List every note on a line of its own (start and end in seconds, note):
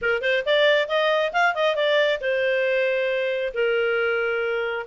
0.01 0.21 A#4
0.21 0.43 C5
0.45 0.88 D5
0.88 1.32 D#5
1.32 1.54 F5
1.54 1.75 D#5
1.75 2.19 D5
2.21 3.53 C5
3.53 4.86 A#4